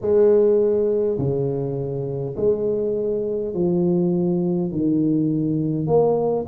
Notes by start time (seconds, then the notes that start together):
0.01 G#3
1.18 C#3
2.36 G#3
3.53 F3
4.71 D#3
5.86 A#3